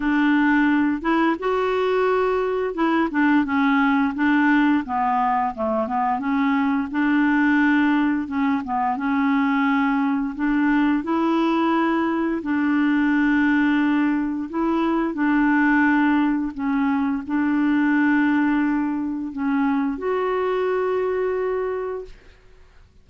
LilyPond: \new Staff \with { instrumentName = "clarinet" } { \time 4/4 \tempo 4 = 87 d'4. e'8 fis'2 | e'8 d'8 cis'4 d'4 b4 | a8 b8 cis'4 d'2 | cis'8 b8 cis'2 d'4 |
e'2 d'2~ | d'4 e'4 d'2 | cis'4 d'2. | cis'4 fis'2. | }